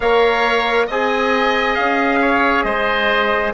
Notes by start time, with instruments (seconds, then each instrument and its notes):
0.00 bassoon A#3, trombone A#4, oboe C#5, trumpet F5
0.87 bassoon C4, trombone G#4, oboe D#5, trumpet G#5
1.74 bassoon C#4, trumpet F5
2.21 oboe C#5
2.62 bassoon G#3, oboe C5, trumpet D#5